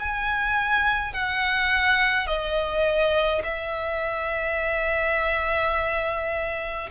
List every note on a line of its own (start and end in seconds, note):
0.00 1.14 G#5
1.14 2.27 F#5
2.27 3.42 D#5
3.44 6.90 E5